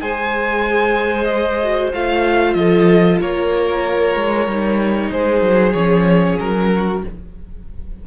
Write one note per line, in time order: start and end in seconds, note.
0.00 1.93 G#3
0.00 1.60 G#4
0.00 2.57 C5
0.00 1.25 G#5
1.25 1.89 D#5
1.63 1.94 F#4
1.94 2.55 A3
1.94 4.49 F4
1.94 2.54 F5
2.54 3.19 F3
2.54 3.21 A4
2.54 3.18 D#5
3.21 4.16 A#3
3.21 5.12 A#4
3.21 5.12 C#5
4.16 4.47 G#3
4.47 5.11 G3
4.47 5.75 D#4
5.12 5.42 G#3
5.12 6.71 G#4
5.12 5.74 C5
5.42 5.74 F#3
5.74 6.39 F3
5.74 7.02 C#4
5.74 6.37 C#5
6.40 7.04 F#3
6.40 7.04 A#4
6.75 7.07 F#4